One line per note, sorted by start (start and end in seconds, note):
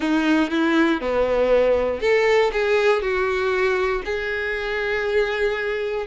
0.00 0.50 D#4
0.50 1.00 E4
1.00 2.01 B3
2.01 2.51 A4
2.52 3.01 G#4
3.01 4.02 F#4
4.04 6.06 G#4